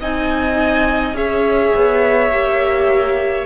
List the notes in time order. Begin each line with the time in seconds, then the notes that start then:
0.00 C4 D#4 D#5 G#5
1.13 C#4 G#4 C#5 E5
1.75 B3
2.31 A#3 G4